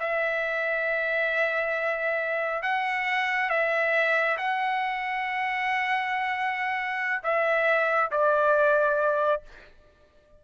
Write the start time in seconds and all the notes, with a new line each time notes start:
0.00 E5
2.63 F#5
3.50 E5
4.38 F#5
7.23 E5
8.11 D5